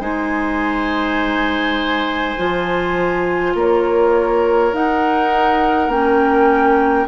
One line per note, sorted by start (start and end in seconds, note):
0.00 2.35 G#3
0.00 2.36 D#4
0.00 3.53 C5
0.00 3.54 G#5
2.37 3.54 F3
2.37 4.73 F4
3.54 4.72 A#3
3.54 7.08 A#4
3.54 4.74 C#5
4.73 5.90 D#4
4.73 5.88 D#4
4.73 5.90 F#5
5.88 7.05 A#3
5.88 7.08 C#4
5.88 7.08 G5